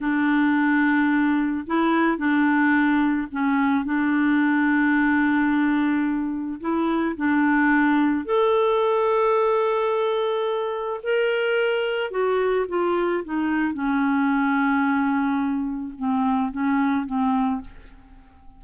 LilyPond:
\new Staff \with { instrumentName = "clarinet" } { \time 4/4 \tempo 4 = 109 d'2. e'4 | d'2 cis'4 d'4~ | d'1 | e'4 d'2 a'4~ |
a'1 | ais'2 fis'4 f'4 | dis'4 cis'2.~ | cis'4 c'4 cis'4 c'4 | }